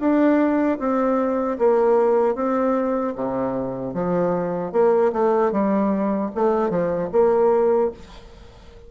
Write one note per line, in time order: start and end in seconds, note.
0.00 0.79 D4
0.79 1.58 C4
1.59 2.35 A#3
2.35 3.14 C4
3.15 3.94 C3
3.94 4.72 F3
4.72 5.12 A#3
5.13 5.52 A3
5.52 6.31 G3
6.35 6.70 A3
6.70 7.09 F3
7.12 7.91 A#3